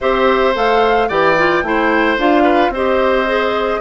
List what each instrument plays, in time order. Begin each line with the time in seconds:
0.00 bassoon C4, clarinet G4, oboe C5, flute E5
0.54 bassoon A3, clarinet A4, flute F5
1.08 bassoon E3, clarinet G4, oboe D5, flute G5
1.37 clarinet F4
1.62 bassoon A3, clarinet E4, oboe C5
2.17 bassoon D4, clarinet F4, flute F5
2.43 oboe B4
2.69 bassoon C4, clarinet G4, oboe C5, flute D#5
3.26 clarinet G#4